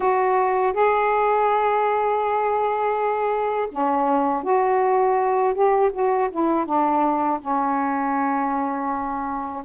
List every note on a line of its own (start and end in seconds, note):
0.00 0.73 F#4
0.73 3.69 G#4
3.71 4.43 C#4
4.43 5.54 F#4
5.54 5.91 G4
5.93 6.30 F#4
6.30 6.65 E4
6.65 7.39 D4
7.40 9.63 C#4